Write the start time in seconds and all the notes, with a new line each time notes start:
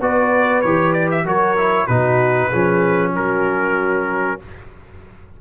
0.00 B3 F#4 B4 D5
0.62 E3 G4 C#5
0.93 D5
1.11 E5
1.24 F#3 F#4 A#4 C#5
1.57 E4
1.87 B2 D#4 F#4 B4
2.49 F3 C#4 G#4
3.12 F#3 F#4 A#4